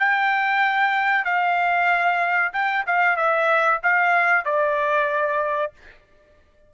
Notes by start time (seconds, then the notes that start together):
0.00 G5
1.25 F5
2.54 G5
2.87 F5
3.17 E5
3.84 F5
4.45 D5